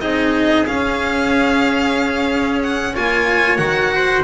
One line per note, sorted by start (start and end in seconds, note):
0.00 0.66 C4
0.00 0.65 D#4
0.00 2.94 G#4
0.00 0.66 D#5
0.66 2.94 C#4
0.66 2.96 C#4
0.66 2.62 F5
2.62 2.95 F#5
2.94 3.58 A#3
2.94 3.57 F4
2.94 3.92 C#5
2.94 3.57 G#5
3.57 4.23 D#3
3.57 4.22 F#4
3.57 4.22 F#5
3.95 4.24 C5